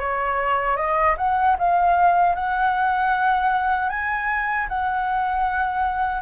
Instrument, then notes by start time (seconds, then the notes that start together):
flute
0.00 C#5
0.77 D#5
1.18 F#5
1.59 F5
2.35 F#5
3.90 G#5
4.69 F#5